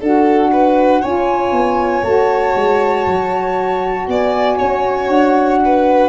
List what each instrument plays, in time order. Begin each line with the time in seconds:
0.00 tuba D4, saxophone F#4, violin A4, flute F#5
0.52 violin B4
1.02 tuba C#4, saxophone F4, violin C#5, flute G#5
1.51 tuba B3
2.03 tuba A3, saxophone F#4, flute A5
2.55 tuba G#3
3.06 tuba F#3
4.08 tuba B3, violin D5, flute G#5
4.58 tuba C#4, violin C#5
5.08 tuba D4, flute F#5
5.65 violin B4